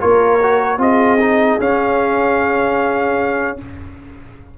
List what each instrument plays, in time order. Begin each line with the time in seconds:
0.00 tuba A#3, trombone F4, horn A#4, trumpet C#5
0.42 trombone F#4
0.78 tuba C4, trombone F4, horn G#4, trumpet D#5
1.20 trombone D#4
1.60 tuba C#4, trombone C#4, trumpet F5